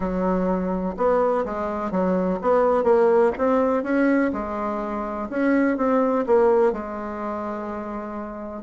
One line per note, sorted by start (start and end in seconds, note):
0.00 0.95 F#3
0.96 1.44 B3
1.45 1.91 G#3
1.91 2.39 F#3
2.41 2.83 B3
2.83 3.31 A#3
3.38 3.83 C4
3.83 4.31 C#4
4.32 5.28 G#3
5.29 5.77 C#4
5.77 6.25 C4
6.26 6.72 A#3
6.72 8.62 G#3